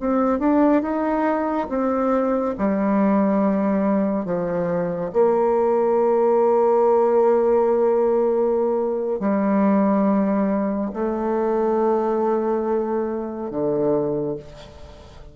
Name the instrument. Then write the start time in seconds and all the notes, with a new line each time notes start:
bassoon
0.00 C4
0.39 D4
0.82 D#4
1.69 C4
2.58 G3
4.25 F3
5.13 A#3
9.20 G3
10.93 A3
13.50 D3